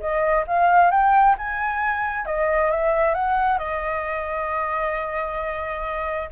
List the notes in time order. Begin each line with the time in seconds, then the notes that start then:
0.00 D#5
0.47 F5
0.91 G5
1.38 G#5
2.26 D#5
2.71 E5
3.15 F#5
3.59 D#5